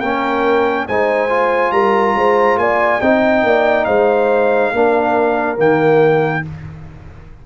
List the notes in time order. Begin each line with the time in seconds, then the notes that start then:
0.00 A#3 C#4 A#4 G5
0.88 G#3 D#4 C5 G#5
1.30 F4
1.72 G3 A#4 A#5
2.15 G#3 C5
2.57 A#3 D5 G#5
3.01 C4 D#4 D#5 G5
3.44 A#3 D5
3.85 G#3 C5 F5
4.73 A#3 D4 A#4
5.57 D#3 A#3 G5